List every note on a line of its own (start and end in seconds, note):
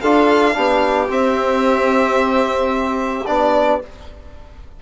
0.00 0.56 D4
0.00 0.53 F4
0.00 0.55 A4
0.00 1.08 F5
0.53 1.09 B3
0.53 1.07 D4
0.53 3.80 G4
1.08 3.24 C4
1.08 3.25 C4
1.08 3.26 E5
3.26 3.81 B3
3.26 3.81 D4
3.26 3.80 D5